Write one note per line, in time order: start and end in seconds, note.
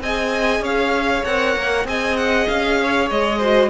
0.00 0.60 C4
0.00 1.25 G#4
0.00 0.63 D#5
0.00 0.64 G#5
0.60 1.21 C#4
0.60 1.86 C#5
0.60 1.24 F5
1.24 1.56 C4
1.24 1.84 A#4
1.24 1.86 F#5
1.56 1.84 A#3
1.84 2.46 C4
1.84 3.39 G#4
1.84 2.80 D#5
1.84 2.16 G#5
2.16 2.47 F#5
2.47 3.10 C#4
2.47 3.09 F5
2.81 3.38 C#5
3.10 3.69 G#3
3.10 3.69 D#5
3.38 3.69 F#4
3.38 3.69 C5